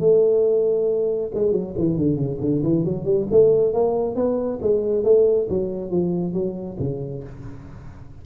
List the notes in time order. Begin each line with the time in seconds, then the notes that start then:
0.00 A3
1.34 G#3
1.52 F#3
1.78 E3
1.97 D3
2.16 C#3
2.41 D3
2.63 E3
2.85 F#3
3.05 G3
3.31 A3
3.73 A#3
4.16 B3
4.62 G#3
5.04 A3
5.50 F#3
5.91 F3
6.34 F#3
6.80 C#3